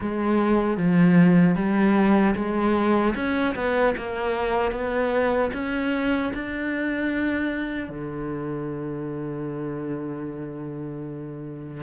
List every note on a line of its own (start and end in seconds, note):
0.00 0.77 G#3
0.77 1.55 F3
1.55 2.34 G3
2.35 3.14 G#3
3.15 3.55 C#4
3.55 3.94 B3
3.97 4.72 A#3
4.72 5.50 B3
5.53 6.32 C#4
6.33 7.88 D4
7.88 11.83 D3